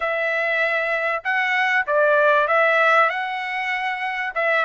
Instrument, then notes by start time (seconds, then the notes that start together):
trumpet
0.00 E5
1.24 F#5
1.86 D5
2.47 E5
3.09 F#5
4.34 E5